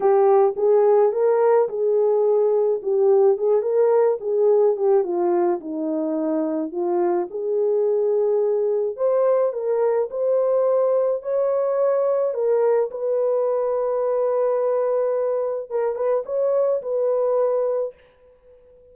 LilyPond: \new Staff \with { instrumentName = "horn" } { \time 4/4 \tempo 4 = 107 g'4 gis'4 ais'4 gis'4~ | gis'4 g'4 gis'8 ais'4 gis'8~ | gis'8 g'8 f'4 dis'2 | f'4 gis'2. |
c''4 ais'4 c''2 | cis''2 ais'4 b'4~ | b'1 | ais'8 b'8 cis''4 b'2 | }